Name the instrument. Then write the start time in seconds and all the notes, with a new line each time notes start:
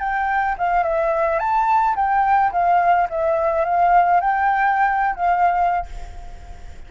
flute
0.00 G5
0.58 F5
0.84 E5
1.40 A5
1.96 G5
2.53 F5
3.10 E5
3.66 F5
4.21 G5
5.16 F5